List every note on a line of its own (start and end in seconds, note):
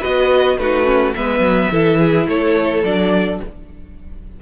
0.00 0.58 B3
0.00 0.58 F#4
0.00 0.56 B4
0.00 0.59 D#5
0.58 1.14 A3
0.58 0.85 D#4
0.58 1.16 F#4
0.58 1.15 B4
0.85 1.13 C#4
1.15 1.40 G#3
1.15 1.72 B3
1.15 1.72 B4
1.15 2.27 E5
1.40 1.68 F#3
1.72 2.27 E3
1.72 2.84 E4
1.72 2.00 A4
2.00 2.28 G#4
2.27 2.84 A3
2.27 3.42 A4
2.27 2.85 C#5
2.84 3.40 F#3
2.84 3.42 D4
2.84 3.41 D5